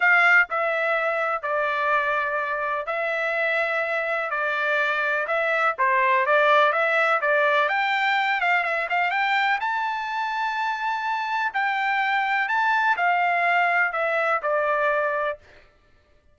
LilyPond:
\new Staff \with { instrumentName = "trumpet" } { \time 4/4 \tempo 4 = 125 f''4 e''2 d''4~ | d''2 e''2~ | e''4 d''2 e''4 | c''4 d''4 e''4 d''4 |
g''4. f''8 e''8 f''8 g''4 | a''1 | g''2 a''4 f''4~ | f''4 e''4 d''2 | }